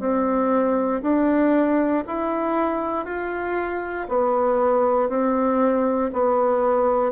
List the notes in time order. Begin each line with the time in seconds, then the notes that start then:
0.00 C4
1.03 D4
2.07 E4
3.05 F4
4.09 B3
5.09 C4
6.13 B3